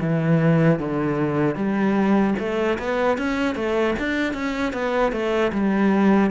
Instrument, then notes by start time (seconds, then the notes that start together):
cello
0.00 E3
0.79 D3
1.55 G3
2.39 A3
2.78 B3
3.18 C#4
3.55 A3
3.99 D4
4.33 C#4
4.73 B3
5.12 A3
5.52 G3